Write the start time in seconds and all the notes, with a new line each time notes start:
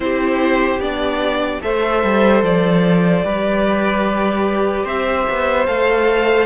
0.00 C4 E4 G4 C5
0.78 B3 D4 D5
1.61 A3 A4 C5 E5
2.03 G3
2.43 F3 D5
3.23 G3 G4 B4
4.84 C4 C5 E5
5.29 B3
5.66 A3 A4 F5